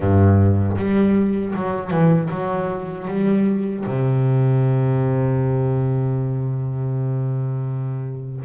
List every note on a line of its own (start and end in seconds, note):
0.00 0.77 G2
0.77 1.54 G3
1.55 1.91 F#3
1.91 2.29 E3
2.30 3.07 F#3
3.07 3.84 G3
3.86 8.45 C3